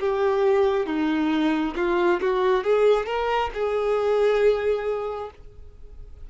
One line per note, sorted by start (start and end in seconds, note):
0.00 0.87 G4
0.87 1.75 D#4
1.76 2.21 F4
2.21 2.64 F#4
2.64 3.06 G#4
3.06 3.51 A#4
3.54 5.31 G#4